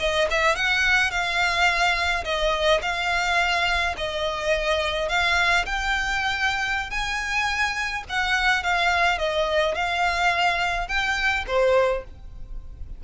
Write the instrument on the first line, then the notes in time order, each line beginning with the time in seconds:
violin
0.00 D#5
0.31 E5
0.56 F#5
1.11 F5
2.25 D#5
2.83 F5
3.98 D#5
5.09 F5
5.66 G5
6.91 G#5
8.09 F#5
8.64 F5
9.19 D#5
9.75 F5
10.88 G5
11.48 C5